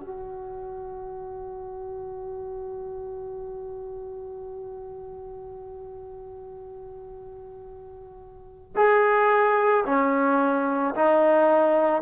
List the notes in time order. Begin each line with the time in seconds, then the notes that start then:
0.00 F#4
8.75 G#4
9.85 C#4
10.95 D#4